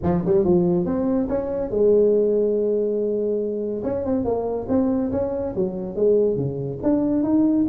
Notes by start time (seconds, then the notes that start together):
0.03 F3
0.25 G3
0.44 F3
0.85 C4
1.29 C#4
1.70 G#3
3.83 C#4
4.05 C4
4.24 A#3
4.68 C4
5.11 C#4
5.55 F#3
5.95 G#3
6.36 C#3
6.83 D4
7.23 D#4